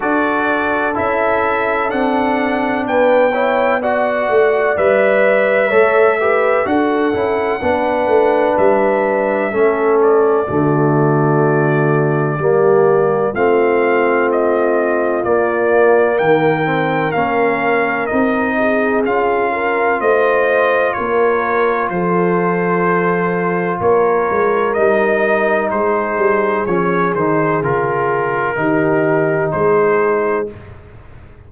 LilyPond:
<<
  \new Staff \with { instrumentName = "trumpet" } { \time 4/4 \tempo 4 = 63 d''4 e''4 fis''4 g''4 | fis''4 e''2 fis''4~ | fis''4 e''4. d''4.~ | d''2 f''4 dis''4 |
d''4 g''4 f''4 dis''4 | f''4 dis''4 cis''4 c''4~ | c''4 cis''4 dis''4 c''4 | cis''8 c''8 ais'2 c''4 | }
  \new Staff \with { instrumentName = "horn" } { \time 4/4 a'2. b'8 cis''8 | d''2 cis''8 b'8 a'4 | b'2 a'4 fis'4~ | fis'4 g'4 f'2~ |
f'4 ais'2~ ais'8 gis'8~ | gis'8 ais'8 c''4 ais'4 a'4~ | a'4 ais'2 gis'4~ | gis'2 g'4 gis'4 | }
  \new Staff \with { instrumentName = "trombone" } { \time 4/4 fis'4 e'4 d'4. e'8 | fis'4 b'4 a'8 g'8 fis'8 e'8 | d'2 cis'4 a4~ | a4 ais4 c'2 |
ais4. c'8 cis'4 dis'4 | f'1~ | f'2 dis'2 | cis'8 dis'8 f'4 dis'2 | }
  \new Staff \with { instrumentName = "tuba" } { \time 4/4 d'4 cis'4 c'4 b4~ | b8 a8 g4 a4 d'8 cis'8 | b8 a8 g4 a4 d4~ | d4 g4 a2 |
ais4 dis4 ais4 c'4 | cis'4 a4 ais4 f4~ | f4 ais8 gis8 g4 gis8 g8 | f8 dis8 cis4 dis4 gis4 | }
>>